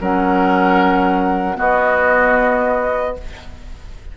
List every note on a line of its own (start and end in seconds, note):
0.00 1.58 F#3
0.00 1.55 C#4
0.00 1.57 A#4
0.00 1.58 F#5
1.55 3.12 B3
1.55 3.17 B3
1.55 3.15 F#4
1.55 3.16 D#5